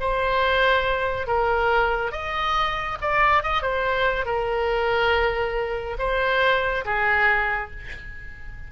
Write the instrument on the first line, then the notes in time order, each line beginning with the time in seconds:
oboe
0.00 C5
1.27 A#4
2.12 D#5
3.01 D5
3.43 D#5
3.62 C5
4.25 A#4
5.99 C5
6.85 G#4